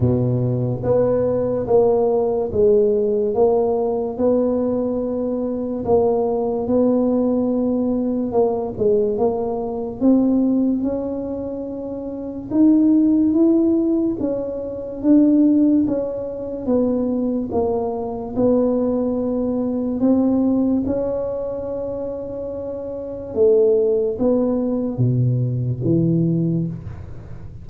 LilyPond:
\new Staff \with { instrumentName = "tuba" } { \time 4/4 \tempo 4 = 72 b,4 b4 ais4 gis4 | ais4 b2 ais4 | b2 ais8 gis8 ais4 | c'4 cis'2 dis'4 |
e'4 cis'4 d'4 cis'4 | b4 ais4 b2 | c'4 cis'2. | a4 b4 b,4 e4 | }